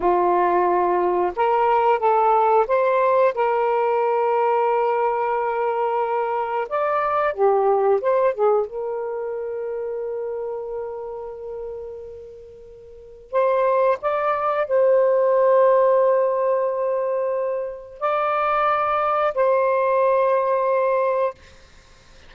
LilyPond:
\new Staff \with { instrumentName = "saxophone" } { \time 4/4 \tempo 4 = 90 f'2 ais'4 a'4 | c''4 ais'2.~ | ais'2 d''4 g'4 | c''8 gis'8 ais'2.~ |
ais'1 | c''4 d''4 c''2~ | c''2. d''4~ | d''4 c''2. | }